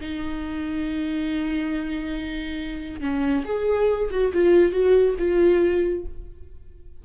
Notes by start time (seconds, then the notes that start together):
0.00 D#4
3.00 C#4
3.44 G#4
4.10 F#4
4.33 F4
4.72 F#4
5.18 F4